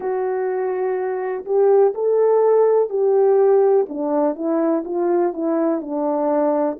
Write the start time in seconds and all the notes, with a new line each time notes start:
0.00 F#4
1.45 G4
1.94 A4
2.89 G4
3.88 D4
4.35 E4
4.84 F4
5.33 E4
5.81 D4